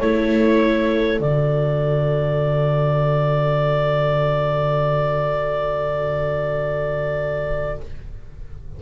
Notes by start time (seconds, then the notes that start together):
0.00 A3 E4 A4 C#5
1.20 D3 F#4 D5